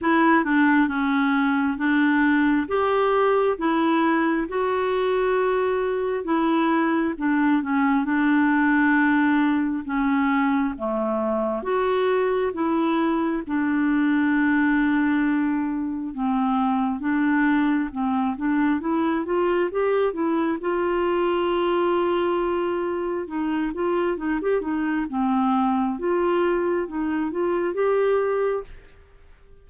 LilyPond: \new Staff \with { instrumentName = "clarinet" } { \time 4/4 \tempo 4 = 67 e'8 d'8 cis'4 d'4 g'4 | e'4 fis'2 e'4 | d'8 cis'8 d'2 cis'4 | a4 fis'4 e'4 d'4~ |
d'2 c'4 d'4 | c'8 d'8 e'8 f'8 g'8 e'8 f'4~ | f'2 dis'8 f'8 dis'16 g'16 dis'8 | c'4 f'4 dis'8 f'8 g'4 | }